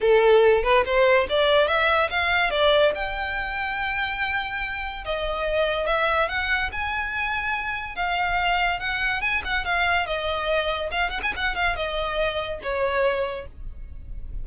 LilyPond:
\new Staff \with { instrumentName = "violin" } { \time 4/4 \tempo 4 = 143 a'4. b'8 c''4 d''4 | e''4 f''4 d''4 g''4~ | g''1 | dis''2 e''4 fis''4 |
gis''2. f''4~ | f''4 fis''4 gis''8 fis''8 f''4 | dis''2 f''8 fis''16 gis''16 fis''8 f''8 | dis''2 cis''2 | }